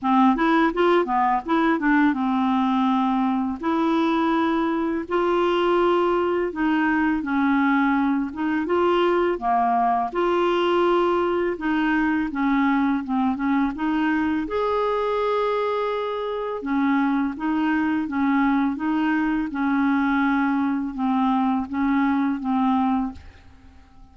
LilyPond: \new Staff \with { instrumentName = "clarinet" } { \time 4/4 \tempo 4 = 83 c'8 e'8 f'8 b8 e'8 d'8 c'4~ | c'4 e'2 f'4~ | f'4 dis'4 cis'4. dis'8 | f'4 ais4 f'2 |
dis'4 cis'4 c'8 cis'8 dis'4 | gis'2. cis'4 | dis'4 cis'4 dis'4 cis'4~ | cis'4 c'4 cis'4 c'4 | }